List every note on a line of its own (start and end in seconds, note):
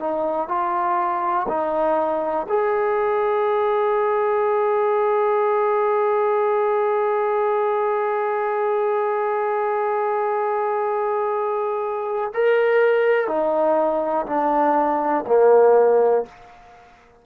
0.00 0.48 D#4
0.48 1.47 F4
1.48 2.47 D#4
2.49 12.33 G#4
12.34 13.27 A#4
13.27 14.26 D#4
14.27 15.25 D4
15.27 16.26 A#3